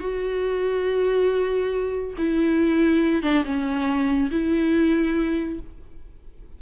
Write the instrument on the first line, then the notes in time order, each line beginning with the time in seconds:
viola
0.00 F#4
2.18 E4
3.23 D4
3.45 C#4
4.31 E4